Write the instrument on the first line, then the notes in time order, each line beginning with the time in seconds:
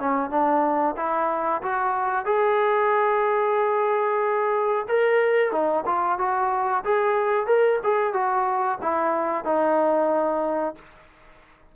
trombone
0.00 C#4
0.31 D4
0.97 E4
1.63 F#4
2.26 G#4
4.89 A#4
5.52 D#4
5.86 F4
6.19 F#4
6.84 G#4
7.47 A#4
7.84 G#4
8.14 F#4
8.83 E4
9.45 D#4